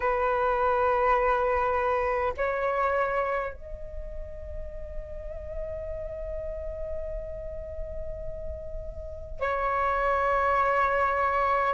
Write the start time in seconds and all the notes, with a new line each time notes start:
0.00 B4
2.37 C#5
3.53 D#5
9.40 C#5